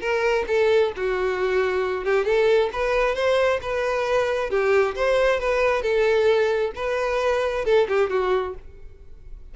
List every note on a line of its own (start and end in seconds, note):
0.00 0.45 A#4
0.47 0.92 A4
0.96 2.04 F#4
2.04 2.25 G4
2.25 2.69 A4
2.72 3.14 B4
3.14 3.59 C5
3.61 4.50 B4
4.50 4.95 G4
4.95 5.40 C5
5.40 5.82 B4
5.82 6.71 A4
6.75 7.64 B4
7.65 7.87 A4
7.88 8.09 G4
8.09 8.54 F#4